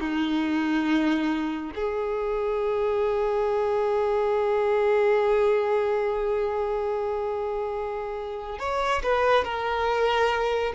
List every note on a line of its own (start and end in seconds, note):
0.00 1.71 D#4
1.75 8.59 G#4
8.59 9.02 C#5
9.03 9.44 B4
9.44 10.73 A#4